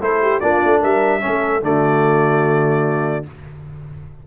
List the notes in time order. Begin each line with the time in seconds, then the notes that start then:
0.00 A3 E4 A4 C5
0.22 G4
0.40 A#3 D4 F4 D5
0.65 A3
0.80 G3 A#4 E5
1.21 C#4 A4
1.27 A3
1.61 D3 A3 F#4 D5